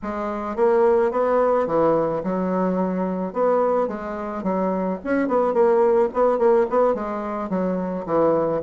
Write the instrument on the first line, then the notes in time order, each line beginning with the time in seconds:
bassoon
0.02 G#3
0.56 A#3
1.11 B3
1.66 E3
2.23 F#3
3.33 B3
3.87 G#3
4.43 F#3
5.04 C#4
5.28 B3
5.53 A#3
6.13 B3
6.38 A#3
6.69 B3
6.94 G#3
7.49 F#3
8.06 E3